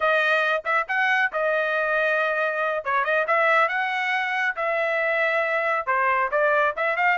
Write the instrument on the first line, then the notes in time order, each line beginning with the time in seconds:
trumpet
0.00 D#5
0.64 E5
0.88 F#5
1.32 D#5
2.84 C#5
3.04 D#5
3.27 E5
3.68 F#5
4.56 E5
5.86 C5
6.31 D5
6.76 E5
6.96 F5